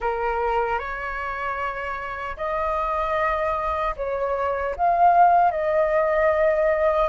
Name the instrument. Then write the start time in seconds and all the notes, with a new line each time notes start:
flute
0.00 A#4
0.78 C#5
2.36 D#5
3.96 C#5
4.76 F5
5.51 D#5